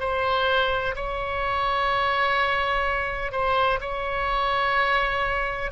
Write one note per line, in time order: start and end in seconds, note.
0.00 0.95 C5
0.95 3.32 C#5
3.32 3.79 C5
3.81 5.71 C#5